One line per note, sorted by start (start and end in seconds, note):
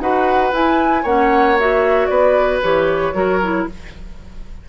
0.00 0.52 D#4
0.00 0.52 F#4
0.00 1.03 B4
0.00 0.53 F#5
0.52 1.05 E4
0.52 1.06 G#5
1.03 2.09 A#3
1.03 1.59 C#4
1.03 2.08 C#5
1.03 1.58 F#5
1.60 2.63 F#4
1.60 2.07 E5
2.07 2.62 B3
2.07 3.15 B4
2.07 2.59 D5
2.63 3.14 E3
2.63 3.14 G4
2.63 3.67 C#5
3.14 3.66 F#3
3.14 3.40 F#4
3.14 3.68 A#4
3.43 3.69 E4